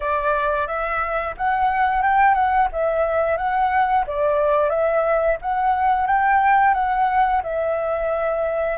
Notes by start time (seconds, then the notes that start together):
0.00 D5
0.67 E5
1.37 F#5
2.02 G5
2.34 F#5
2.72 E5
3.37 F#5
4.06 D5
4.69 E5
5.41 F#5
6.06 G5
6.74 F#5
7.43 E5